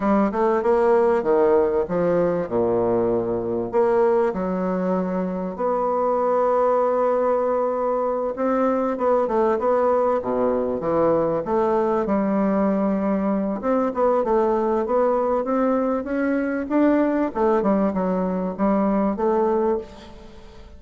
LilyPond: \new Staff \with { instrumentName = "bassoon" } { \time 4/4 \tempo 4 = 97 g8 a8 ais4 dis4 f4 | ais,2 ais4 fis4~ | fis4 b2.~ | b4. c'4 b8 a8 b8~ |
b8 b,4 e4 a4 g8~ | g2 c'8 b8 a4 | b4 c'4 cis'4 d'4 | a8 g8 fis4 g4 a4 | }